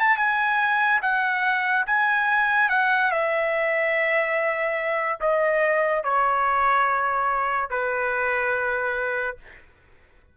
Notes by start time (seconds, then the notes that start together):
0.00 A5
0.17 G#5
1.03 F#5
1.87 G#5
2.70 F#5
3.11 E5
5.21 D#5
6.04 C#5
7.70 B4